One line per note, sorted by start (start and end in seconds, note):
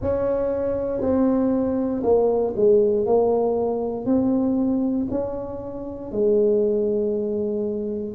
0.01 1.00 C#4
1.00 2.02 C4
2.03 2.54 A#3
2.56 3.06 G#3
3.06 4.05 A#3
4.05 5.07 C4
5.10 6.11 C#4
6.11 8.14 G#3